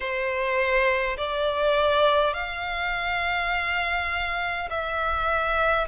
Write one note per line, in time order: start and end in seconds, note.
0.00 1.17 C5
1.17 2.33 D5
2.33 4.68 F5
4.70 5.87 E5